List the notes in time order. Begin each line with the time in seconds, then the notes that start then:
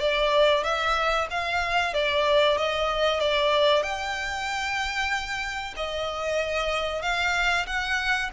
0.00 D5
0.64 E5
1.31 F5
1.94 D5
2.58 D#5
3.20 D5
3.83 G5
5.76 D#5
7.02 F5
7.66 F#5